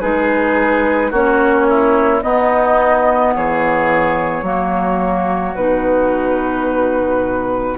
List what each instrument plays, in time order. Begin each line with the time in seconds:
0.00 bassoon G#3, clarinet D#4, oboe G#4, flute B4
1.10 bassoon A#3, clarinet C#4, oboe F#4, flute C#5
1.69 oboe E4
2.21 clarinet B3, bassoon B3, oboe D#4, flute D#5
3.34 bassoon E3, oboe G#4, flute C#5
4.42 bassoon F#3, clarinet A#3, oboe F#4
5.55 bassoon B2, clarinet D#4, flute B4